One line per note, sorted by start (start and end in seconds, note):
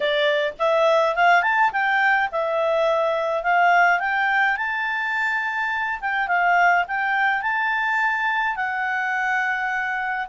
0.00 0.53 D5
0.58 1.15 E5
1.15 1.42 F5
1.42 1.70 A5
1.72 2.29 G5
2.31 3.43 E5
3.43 3.99 F5
3.99 4.56 G5
4.57 5.99 A5
6.00 6.27 G5
6.27 6.84 F5
6.87 7.42 G5
7.42 8.56 A5
8.56 10.27 F#5